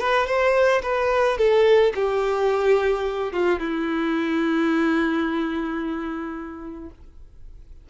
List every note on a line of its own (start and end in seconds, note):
0.00 0.27 B4
0.27 0.82 C5
0.83 1.38 B4
1.38 1.93 A4
1.95 3.33 G4
3.33 3.60 F4
3.60 6.90 E4